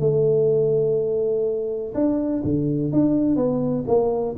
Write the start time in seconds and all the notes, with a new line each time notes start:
0.00 A3
1.94 D4
2.44 D3
2.92 D4
3.36 B3
3.87 A#3